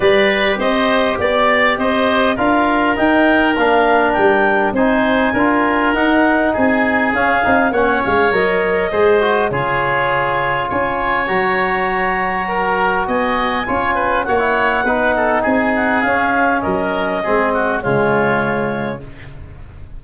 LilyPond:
<<
  \new Staff \with { instrumentName = "clarinet" } { \time 4/4 \tempo 4 = 101 d''4 dis''4 d''4 dis''4 | f''4 g''4 f''4 g''4 | gis''2 fis''4 gis''4 | f''4 fis''8 f''8 dis''2 |
cis''2 gis''4 ais''4~ | ais''2 gis''2 | fis''2 gis''8 fis''8 f''4 | dis''2 cis''2 | }
  \new Staff \with { instrumentName = "oboe" } { \time 4/4 b'4 c''4 d''4 c''4 | ais'1 | c''4 ais'2 gis'4~ | gis'4 cis''2 c''4 |
gis'2 cis''2~ | cis''4 ais'4 dis''4 cis''8 b'8 | cis''4 b'8 a'8 gis'2 | ais'4 gis'8 fis'8 f'2 | }
  \new Staff \with { instrumentName = "trombone" } { \time 4/4 g'1 | f'4 dis'4 d'2 | dis'4 f'4 dis'2 | cis'8 dis'8 cis'4 ais'4 gis'8 fis'8 |
f'2. fis'4~ | fis'2. f'4 | fis'16 e'8. dis'2 cis'4~ | cis'4 c'4 gis2 | }
  \new Staff \with { instrumentName = "tuba" } { \time 4/4 g4 c'4 b4 c'4 | d'4 dis'4 ais4 g4 | c'4 d'4 dis'4 c'4 | cis'8 c'8 ais8 gis8 fis4 gis4 |
cis2 cis'4 fis4~ | fis2 b4 cis'4 | ais4 b4 c'4 cis'4 | fis4 gis4 cis2 | }
>>